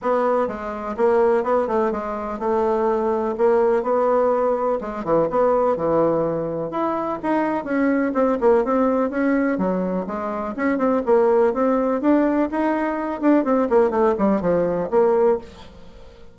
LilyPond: \new Staff \with { instrumentName = "bassoon" } { \time 4/4 \tempo 4 = 125 b4 gis4 ais4 b8 a8 | gis4 a2 ais4 | b2 gis8 e8 b4 | e2 e'4 dis'4 |
cis'4 c'8 ais8 c'4 cis'4 | fis4 gis4 cis'8 c'8 ais4 | c'4 d'4 dis'4. d'8 | c'8 ais8 a8 g8 f4 ais4 | }